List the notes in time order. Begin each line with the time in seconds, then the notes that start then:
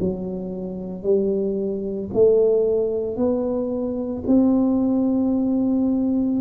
0.00 F#3
1.03 G3
2.14 A3
3.17 B3
4.27 C4